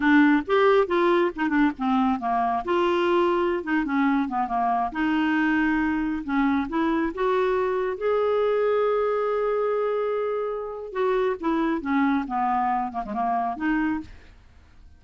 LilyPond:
\new Staff \with { instrumentName = "clarinet" } { \time 4/4 \tempo 4 = 137 d'4 g'4 f'4 dis'8 d'8 | c'4 ais4 f'2~ | f'16 dis'8 cis'4 b8 ais4 dis'8.~ | dis'2~ dis'16 cis'4 e'8.~ |
e'16 fis'2 gis'4.~ gis'16~ | gis'1~ | gis'4 fis'4 e'4 cis'4 | b4. ais16 gis16 ais4 dis'4 | }